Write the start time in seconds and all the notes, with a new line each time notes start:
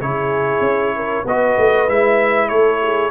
0.00 C#3 E4 G#4 C#5
0.60 C#4
0.95 A#4
1.23 B3 F#4 B4 D#5
1.58 A3
1.88 G#3 E4 E5
2.48 A3 A4 C#5
2.81 G#4